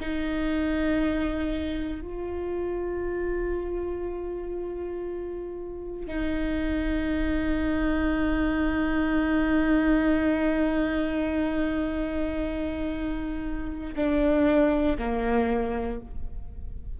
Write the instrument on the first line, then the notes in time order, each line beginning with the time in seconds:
viola
0.00 D#4
2.02 F4
6.07 D#4
13.96 D4
14.98 A#3